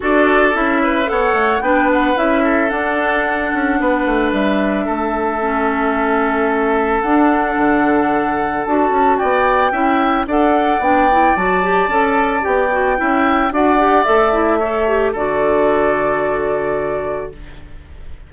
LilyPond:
<<
  \new Staff \with { instrumentName = "flute" } { \time 4/4 \tempo 4 = 111 d''4 e''4 fis''4 g''8 fis''8 | e''4 fis''2. | e''1~ | e''4 fis''2. |
a''4 g''2 fis''4 | g''4 a''2 g''4~ | g''4 fis''4 e''2 | d''1 | }
  \new Staff \with { instrumentName = "oboe" } { \time 4/4 a'4. b'8 cis''4 b'4~ | b'8 a'2~ a'8 b'4~ | b'4 a'2.~ | a'1~ |
a'4 d''4 e''4 d''4~ | d''1 | e''4 d''2 cis''4 | a'1 | }
  \new Staff \with { instrumentName = "clarinet" } { \time 4/4 fis'4 e'4 a'4 d'4 | e'4 d'2.~ | d'2 cis'2~ | cis'4 d'2. |
fis'2 e'4 a'4 | d'8 e'8 fis'8 g'8 a'4 g'8 fis'8 | e'4 fis'8 g'8 a'8 e'8 a'8 g'8 | fis'1 | }
  \new Staff \with { instrumentName = "bassoon" } { \time 4/4 d'4 cis'4 b8 a8 b4 | cis'4 d'4. cis'8 b8 a8 | g4 a2.~ | a4 d'4 d2 |
d'8 cis'8 b4 cis'4 d'4 | b4 fis4 cis'4 b4 | cis'4 d'4 a2 | d1 | }
>>